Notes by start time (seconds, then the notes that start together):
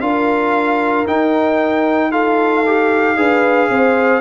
0.00 D4 F4 A#4 F5
1.06 D#4 G5
2.11 F4 A4 F5
2.66 G4
3.16 D4 G#4 B4
3.69 C4 C5